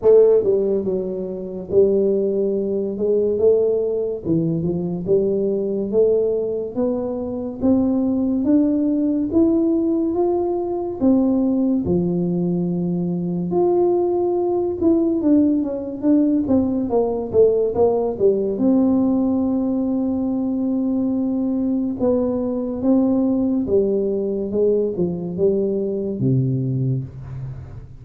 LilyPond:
\new Staff \with { instrumentName = "tuba" } { \time 4/4 \tempo 4 = 71 a8 g8 fis4 g4. gis8 | a4 e8 f8 g4 a4 | b4 c'4 d'4 e'4 | f'4 c'4 f2 |
f'4. e'8 d'8 cis'8 d'8 c'8 | ais8 a8 ais8 g8 c'2~ | c'2 b4 c'4 | g4 gis8 f8 g4 c4 | }